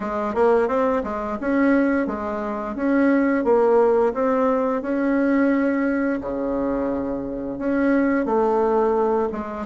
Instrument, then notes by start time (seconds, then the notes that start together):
bassoon
0.00 G#3
0.34 A#3
0.68 C4
1.03 G#3
1.40 C#4
2.07 G#3
2.75 C#4
3.44 A#3
4.13 C4
4.82 C#4
6.20 C#3
7.58 C#4
8.25 A3
9.32 G#3